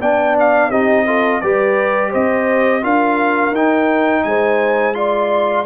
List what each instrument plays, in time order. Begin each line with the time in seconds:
0.00 tuba B3, trombone D4, horn D5, trumpet G5
0.40 trumpet F5
0.70 tuba C4, trombone D#4, horn G4, trumpet D#5
1.07 trombone F4, horn A4
1.41 tuba G3, trombone G4, horn B4, trumpet D5
2.11 tuba C4, horn C5, trumpet D#5
2.82 tuba D4, trombone F4, horn A#4, trumpet F5
3.51 tuba D#4, trombone D#4, trumpet G5
4.24 tuba G#3, horn C5, trumpet G#5
4.95 trombone F4, horn D5, trumpet C6